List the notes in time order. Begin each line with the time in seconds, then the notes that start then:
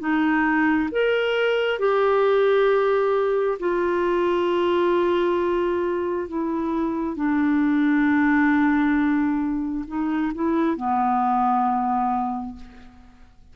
0.00 D#4
0.92 A#4
1.79 G4
3.60 F4
6.28 E4
7.16 D4
9.88 D#4
10.35 E4
10.77 B3